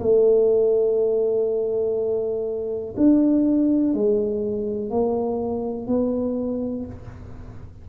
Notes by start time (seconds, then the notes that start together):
0.00 A3
2.97 D4
3.94 G#3
4.90 A#3
5.87 B3